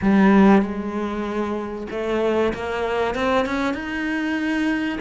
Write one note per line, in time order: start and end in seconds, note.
0.01 0.62 G3
0.62 1.87 G#3
1.90 2.53 A3
2.53 3.14 A#3
3.14 3.45 C4
3.45 3.73 C#4
3.73 4.98 D#4